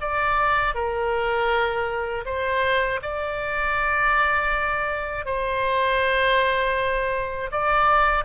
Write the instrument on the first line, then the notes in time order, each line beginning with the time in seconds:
oboe
0.00 D5
0.74 A#4
2.25 C5
3.02 D5
5.25 C5
7.51 D5